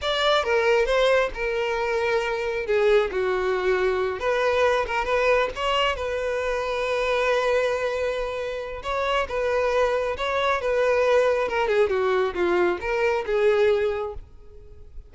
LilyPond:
\new Staff \with { instrumentName = "violin" } { \time 4/4 \tempo 4 = 136 d''4 ais'4 c''4 ais'4~ | ais'2 gis'4 fis'4~ | fis'4. b'4. ais'8 b'8~ | b'8 cis''4 b'2~ b'8~ |
b'1 | cis''4 b'2 cis''4 | b'2 ais'8 gis'8 fis'4 | f'4 ais'4 gis'2 | }